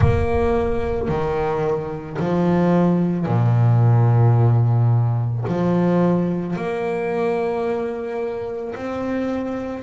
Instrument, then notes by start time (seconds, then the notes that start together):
double bass
0.00 A#3
1.08 D#3
2.19 F3
3.26 A#2
5.47 F3
6.56 A#3
8.75 C4